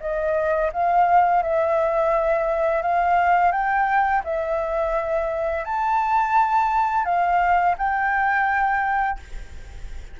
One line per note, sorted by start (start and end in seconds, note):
0.00 0.71 D#5
0.72 1.42 F5
1.42 2.82 E5
2.82 3.51 F5
3.51 4.22 G5
4.24 5.64 E5
5.64 7.05 A5
7.05 7.75 F5
7.77 9.19 G5